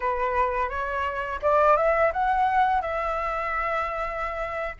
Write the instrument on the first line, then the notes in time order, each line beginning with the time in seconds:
flute
0.00 B4
0.69 C#5
1.41 D5
1.76 E5
2.12 F#5
2.81 E5